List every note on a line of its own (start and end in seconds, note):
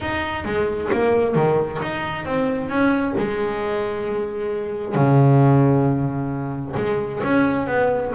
0.00 0.44 D#4
0.44 0.89 G#3
0.92 1.35 A#3
1.35 1.80 D#3
1.82 2.25 D#4
2.25 2.69 C4
2.69 3.14 C#4
3.18 4.95 G#3
4.95 6.75 C#3
6.76 7.21 G#3
7.23 7.67 C#4
7.67 8.12 B3